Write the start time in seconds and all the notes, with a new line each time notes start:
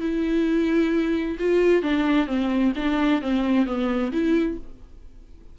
0.00 E4
1.39 F4
1.82 D4
2.27 C4
2.76 D4
3.22 C4
3.66 B3
4.12 E4